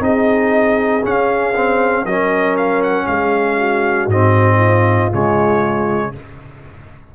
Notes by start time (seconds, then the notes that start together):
0.00 C4 D#4 G#4 D#5
1.03 C#4 F5
1.56 C4
2.05 F#3 C#4 A#4 D#5
2.58 F5
2.83 F#5
3.07 G#3 G#4 F5
3.59 F#4
4.07 G#2 C4 D#5
4.57 F4
5.12 C#3 G#3 C#5